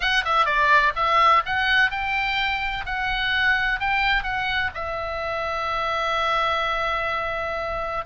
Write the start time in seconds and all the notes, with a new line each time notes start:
0.00 F#5
0.24 E5
0.45 D5
0.95 E5
1.45 F#5
1.90 G5
2.85 F#5
3.79 G5
4.23 F#5
4.74 E5